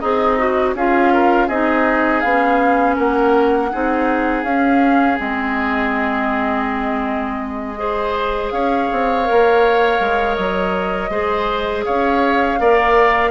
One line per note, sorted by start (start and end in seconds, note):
0.00 0.75 C4
0.00 0.75 D#4
0.00 0.38 G#4
0.00 0.74 D#5
0.38 0.75 F#4
0.75 1.49 C#4
0.75 1.51 F4
0.75 1.13 G#4
0.75 1.49 F5
1.13 1.48 A#4
1.48 2.23 C4
1.48 2.25 D#4
1.48 2.96 G#4
1.48 2.21 D#5
2.21 2.98 B3
2.21 3.72 C#4
2.21 2.95 F5
2.96 3.73 A#3
2.96 3.70 A#4
2.96 4.44 F#5
3.72 4.44 C4
3.72 4.46 D#4
3.72 7.79 G#4
4.44 5.18 C#4
4.44 5.17 C#4
4.44 5.18 F5
5.17 8.52 G#3
5.17 7.76 C4
5.17 8.50 D#5
7.77 9.24 G#4
7.77 8.53 C5
8.50 8.89 C#4
8.50 11.11 C#5
8.50 10.35 F5
8.92 9.29 C4
9.24 11.09 A#4
9.30 10.00 A#3
10.00 10.37 G#3
10.35 11.10 F#3
10.35 11.84 D#5
11.10 11.84 G#3
11.10 12.59 G#4
11.10 11.85 C5
11.85 12.60 C#4
11.85 12.60 C#5
11.85 13.31 F5
12.59 13.31 A#3
12.59 13.31 A#4
12.59 13.31 D5